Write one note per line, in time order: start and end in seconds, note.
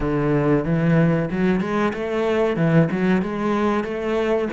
0.00 0.65 D3
0.65 1.29 E3
1.30 1.60 F#3
1.60 1.92 G#3
1.93 2.56 A3
2.56 2.88 E3
2.91 3.22 F#3
3.22 3.84 G#3
3.84 4.48 A3